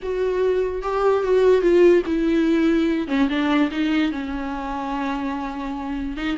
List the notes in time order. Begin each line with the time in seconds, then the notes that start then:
0.02 F#4
0.82 G4
1.23 F#4
1.61 F4
2.05 E4
3.07 C#4
3.29 D4
3.71 D#4
4.11 C#4
6.16 D#4